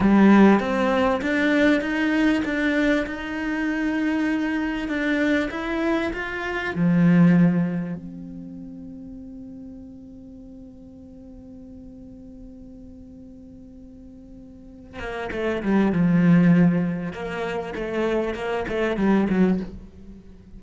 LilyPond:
\new Staff \with { instrumentName = "cello" } { \time 4/4 \tempo 4 = 98 g4 c'4 d'4 dis'4 | d'4 dis'2. | d'4 e'4 f'4 f4~ | f4 c'2.~ |
c'1~ | c'1~ | c'8 ais8 a8 g8 f2 | ais4 a4 ais8 a8 g8 fis8 | }